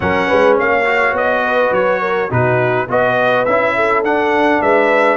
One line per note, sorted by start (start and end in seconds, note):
0.00 0.30 F#3
0.00 0.84 C#4
0.00 0.28 A#4
0.00 0.57 F#5
0.28 0.59 G#3
0.28 0.56 B4
0.56 1.12 A#3
0.56 1.43 C#5
0.56 1.16 F5
0.85 2.29 F#4
1.12 1.70 B3
1.12 1.73 D#5
1.44 2.00 B4
1.71 2.29 F#3
1.71 2.31 C#5
2.00 2.28 A#4
2.28 2.88 B2
2.28 2.87 D#4
2.28 2.86 F#4
2.28 2.89 B4
2.88 3.46 B3
2.88 3.46 F#4
2.88 3.75 B4
2.88 3.45 D#5
3.45 4.02 C#4
3.45 4.04 E4
3.45 4.02 E5
3.75 4.61 A4
4.02 4.60 D4
4.02 5.17 D4
4.02 4.62 F#5
4.61 5.17 G#3
4.61 5.17 B4
4.61 5.17 E5